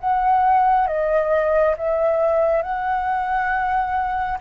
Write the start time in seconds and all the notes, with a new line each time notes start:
0.00 F#5
0.87 D#5
1.77 E5
2.62 F#5